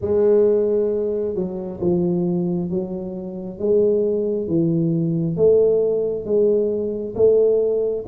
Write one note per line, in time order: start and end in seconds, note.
0.01 1.34 G#3
1.34 1.79 F#3
1.80 2.69 F3
2.69 3.58 F#3
3.58 4.47 G#3
4.47 5.36 E3
5.36 6.24 A3
6.24 7.14 G#3
7.15 8.04 A3